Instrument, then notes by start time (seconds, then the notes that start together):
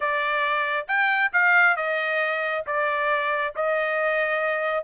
trumpet
0.00 D5
0.87 G5
1.32 F5
1.76 D#5
2.66 D5
3.55 D#5